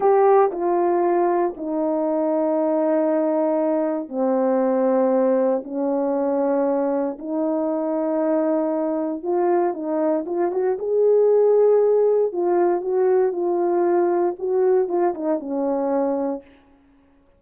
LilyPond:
\new Staff \with { instrumentName = "horn" } { \time 4/4 \tempo 4 = 117 g'4 f'2 dis'4~ | dis'1 | c'2. cis'4~ | cis'2 dis'2~ |
dis'2 f'4 dis'4 | f'8 fis'8 gis'2. | f'4 fis'4 f'2 | fis'4 f'8 dis'8 cis'2 | }